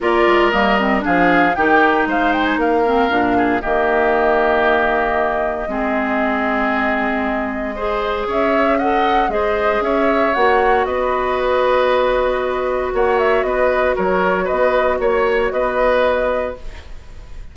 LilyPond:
<<
  \new Staff \with { instrumentName = "flute" } { \time 4/4 \tempo 4 = 116 d''4 dis''4 f''4 g''4 | f''8 g''16 gis''16 f''2 dis''4~ | dis''1~ | dis''1 |
e''4 fis''4 dis''4 e''4 | fis''4 dis''2.~ | dis''4 fis''8 e''8 dis''4 cis''4 | dis''4 cis''4 dis''2 | }
  \new Staff \with { instrumentName = "oboe" } { \time 4/4 ais'2 gis'4 g'4 | c''4 ais'4. gis'8 g'4~ | g'2. gis'4~ | gis'2. c''4 |
cis''4 dis''4 c''4 cis''4~ | cis''4 b'2.~ | b'4 cis''4 b'4 ais'4 | b'4 cis''4 b'2 | }
  \new Staff \with { instrumentName = "clarinet" } { \time 4/4 f'4 ais8 c'8 d'4 dis'4~ | dis'4. c'8 d'4 ais4~ | ais2. c'4~ | c'2. gis'4~ |
gis'4 a'4 gis'2 | fis'1~ | fis'1~ | fis'1 | }
  \new Staff \with { instrumentName = "bassoon" } { \time 4/4 ais8 gis8 g4 f4 dis4 | gis4 ais4 ais,4 dis4~ | dis2. gis4~ | gis1 |
cis'2 gis4 cis'4 | ais4 b2.~ | b4 ais4 b4 fis4 | b4 ais4 b2 | }
>>